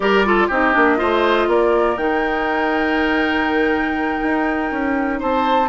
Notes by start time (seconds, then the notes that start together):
0.00 G3 G4 A#4 D5
0.25 F4 A4
0.47 C4 D#4 G4 D#5
0.73 A#3 D4
0.97 A3 F4 C5
1.47 A#3 A#4 D5
1.97 D#3 D#4 G5
4.22 D#4
4.71 C#4
5.19 C4 C5 A5